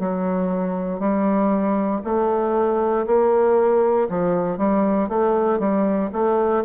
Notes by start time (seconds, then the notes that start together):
0.00 F#3
1.00 G3
2.05 A3
3.07 A#3
4.10 F3
4.58 G3
5.09 A3
5.60 G3
6.13 A3